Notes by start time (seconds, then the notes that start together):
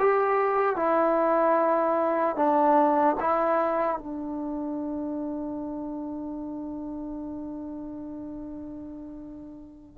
0.00 G4
0.76 E4
2.36 D4
3.20 E4
3.98 D4